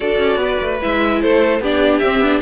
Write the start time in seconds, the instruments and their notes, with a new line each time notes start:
0.00 cello D4, viola F#4, violin A4 D5
0.18 cello C#4
0.36 cello B3, violin B4
0.61 cello A3
0.81 cello G#3, viola E4, violin E5
1.21 cello A3, violin A4 C5
1.60 cello B3, viola D4, violin G4 D5
1.99 cello C4, viola C4, violin E5
2.19 cello B3, viola D4